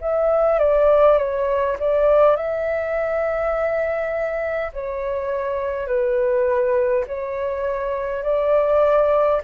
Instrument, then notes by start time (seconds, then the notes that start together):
flute
0.00 E5
0.59 D5
1.17 C#5
1.79 D5
2.36 E5
4.73 C#5
5.87 B4
7.06 C#5
8.23 D5